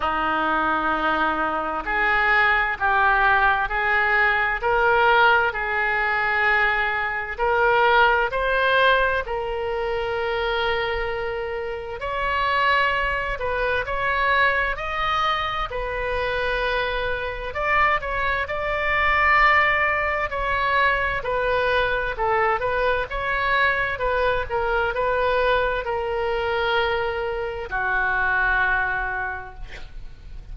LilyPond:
\new Staff \with { instrumentName = "oboe" } { \time 4/4 \tempo 4 = 65 dis'2 gis'4 g'4 | gis'4 ais'4 gis'2 | ais'4 c''4 ais'2~ | ais'4 cis''4. b'8 cis''4 |
dis''4 b'2 d''8 cis''8 | d''2 cis''4 b'4 | a'8 b'8 cis''4 b'8 ais'8 b'4 | ais'2 fis'2 | }